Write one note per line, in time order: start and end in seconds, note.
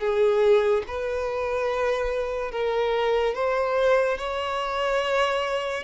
0.00 0.83 G#4
0.88 2.52 B4
2.52 3.35 A#4
3.35 4.18 C5
4.18 5.84 C#5